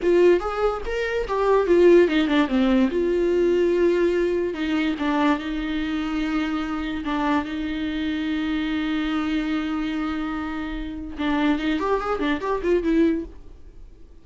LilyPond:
\new Staff \with { instrumentName = "viola" } { \time 4/4 \tempo 4 = 145 f'4 gis'4 ais'4 g'4 | f'4 dis'8 d'8 c'4 f'4~ | f'2. dis'4 | d'4 dis'2.~ |
dis'4 d'4 dis'2~ | dis'1~ | dis'2. d'4 | dis'8 g'8 gis'8 d'8 g'8 f'8 e'4 | }